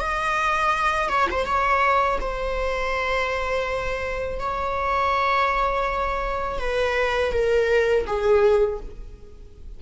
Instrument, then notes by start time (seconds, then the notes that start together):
viola
0.00 D#5
1.09 C#5
1.31 C5
1.46 C#5
2.21 C5
4.40 C#5
6.59 B4
7.32 A#4
8.07 G#4